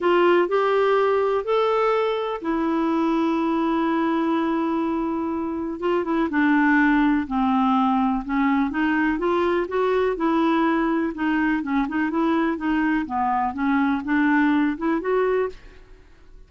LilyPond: \new Staff \with { instrumentName = "clarinet" } { \time 4/4 \tempo 4 = 124 f'4 g'2 a'4~ | a'4 e'2.~ | e'1 | f'8 e'8 d'2 c'4~ |
c'4 cis'4 dis'4 f'4 | fis'4 e'2 dis'4 | cis'8 dis'8 e'4 dis'4 b4 | cis'4 d'4. e'8 fis'4 | }